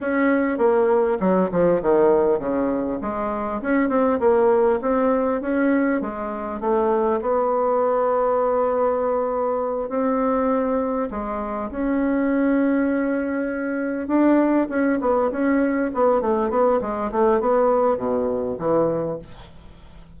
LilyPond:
\new Staff \with { instrumentName = "bassoon" } { \time 4/4 \tempo 4 = 100 cis'4 ais4 fis8 f8 dis4 | cis4 gis4 cis'8 c'8 ais4 | c'4 cis'4 gis4 a4 | b1~ |
b8 c'2 gis4 cis'8~ | cis'2.~ cis'8 d'8~ | d'8 cis'8 b8 cis'4 b8 a8 b8 | gis8 a8 b4 b,4 e4 | }